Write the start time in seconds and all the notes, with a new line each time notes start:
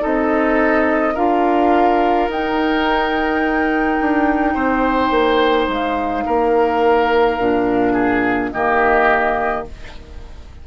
0.00 C4 D#4 A4 D#5
1.14 D4 F4 A#4 F5
2.29 D#4 G5
4.01 D4
4.54 C4 C5
5.11 A#3
5.68 G#3 F5
6.26 A#3 A#4
7.39 A#2 D4
7.93 G#4
8.51 D#3 A#3 G4 D#5